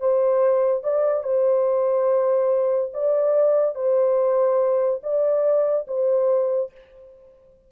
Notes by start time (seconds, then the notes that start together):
0.00 C5
0.83 D5
1.24 C5
2.93 D5
3.75 C5
5.03 D5
5.88 C5